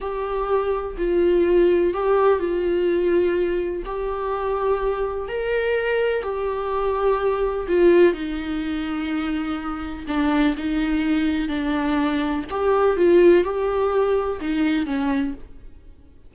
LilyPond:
\new Staff \with { instrumentName = "viola" } { \time 4/4 \tempo 4 = 125 g'2 f'2 | g'4 f'2. | g'2. ais'4~ | ais'4 g'2. |
f'4 dis'2.~ | dis'4 d'4 dis'2 | d'2 g'4 f'4 | g'2 dis'4 cis'4 | }